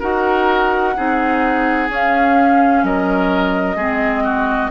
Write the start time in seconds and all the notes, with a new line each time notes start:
0.00 D#4 F#4 A#4 F#5
0.96 C4 D#4 G#4
1.89 C#4 F5
2.83 F#3 A#4 D#5
3.76 G#3 C4 G#4
4.24 F#4